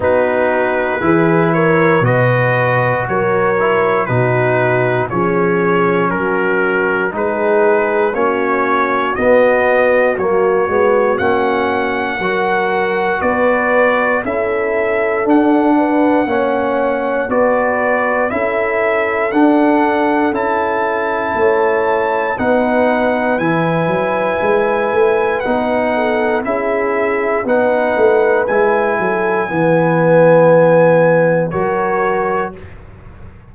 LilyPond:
<<
  \new Staff \with { instrumentName = "trumpet" } { \time 4/4 \tempo 4 = 59 b'4. cis''8 dis''4 cis''4 | b'4 cis''4 ais'4 b'4 | cis''4 dis''4 cis''4 fis''4~ | fis''4 d''4 e''4 fis''4~ |
fis''4 d''4 e''4 fis''4 | a''2 fis''4 gis''4~ | gis''4 fis''4 e''4 fis''4 | gis''2. cis''4 | }
  \new Staff \with { instrumentName = "horn" } { \time 4/4 fis'4 gis'8 ais'8 b'4 ais'4 | fis'4 gis'4 fis'4 gis'4 | fis'1 | ais'4 b'4 a'4. b'8 |
cis''4 b'4 a'2~ | a'4 cis''4 b'2~ | b'4. a'8 gis'4 b'4~ | b'8 a'8 b'2 ais'4 | }
  \new Staff \with { instrumentName = "trombone" } { \time 4/4 dis'4 e'4 fis'4. e'8 | dis'4 cis'2 dis'4 | cis'4 b4 ais8 b8 cis'4 | fis'2 e'4 d'4 |
cis'4 fis'4 e'4 d'4 | e'2 dis'4 e'4~ | e'4 dis'4 e'4 dis'4 | e'4 b2 fis'4 | }
  \new Staff \with { instrumentName = "tuba" } { \time 4/4 b4 e4 b,4 fis4 | b,4 f4 fis4 gis4 | ais4 b4 fis8 gis8 ais4 | fis4 b4 cis'4 d'4 |
ais4 b4 cis'4 d'4 | cis'4 a4 b4 e8 fis8 | gis8 a8 b4 cis'4 b8 a8 | gis8 fis8 e2 fis4 | }
>>